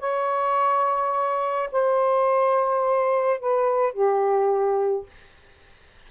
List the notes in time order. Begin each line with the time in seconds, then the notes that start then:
0.00 C#5
1.72 C5
3.40 B4
3.93 G4